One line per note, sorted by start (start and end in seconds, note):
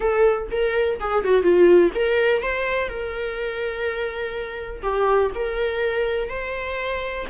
0.00 0.48 A4
0.51 0.99 A#4
1.00 1.24 G#4
1.24 1.42 F#4
1.42 1.90 F4
1.94 2.42 A#4
2.42 2.88 C5
2.88 4.81 A#4
4.82 5.30 G4
5.34 6.29 A#4
6.29 7.26 C5